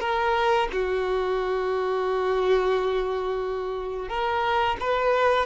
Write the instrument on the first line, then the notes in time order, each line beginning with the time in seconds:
violin
0.00 A#4
0.72 F#4
4.09 A#4
4.80 B4